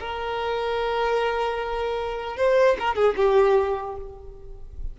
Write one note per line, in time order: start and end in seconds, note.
0.00 2.37 A#4
2.37 2.77 C5
2.79 2.95 A#4
2.95 3.15 G#4
3.17 3.97 G4